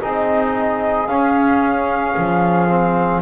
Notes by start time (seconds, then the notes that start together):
0.00 C4 D#4 G#4 D#5
1.07 C#4 F5
2.18 F3
2.69 C4